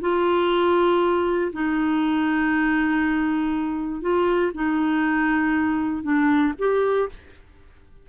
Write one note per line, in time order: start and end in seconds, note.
0.00 1.51 F4
1.52 4.01 D#4
4.01 4.51 F4
4.54 6.03 D#4
6.03 6.53 D4
6.58 7.09 G4